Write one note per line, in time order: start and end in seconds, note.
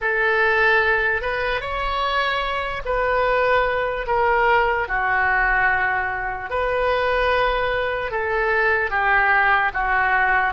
0.01 1.21 A4
1.21 1.60 B4
1.60 2.82 C#5
2.85 4.06 B4
4.07 4.88 A#4
4.88 6.49 F#4
6.49 8.11 B4
8.11 8.90 A4
8.90 9.71 G4
9.73 10.53 F#4